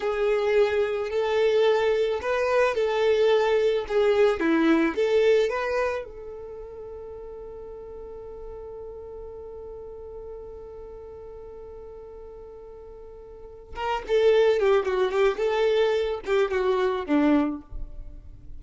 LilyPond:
\new Staff \with { instrumentName = "violin" } { \time 4/4 \tempo 4 = 109 gis'2 a'2 | b'4 a'2 gis'4 | e'4 a'4 b'4 a'4~ | a'1~ |
a'1~ | a'1~ | a'4 ais'8 a'4 g'8 fis'8 g'8 | a'4. g'8 fis'4 d'4 | }